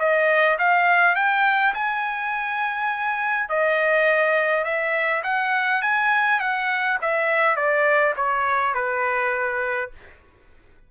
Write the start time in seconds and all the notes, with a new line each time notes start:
0.00 D#5
0.59 F5
1.16 G5
1.74 G#5
3.49 D#5
4.65 E5
5.24 F#5
5.82 G#5
6.41 F#5
7.02 E5
7.57 D5
8.17 C#5
8.75 B4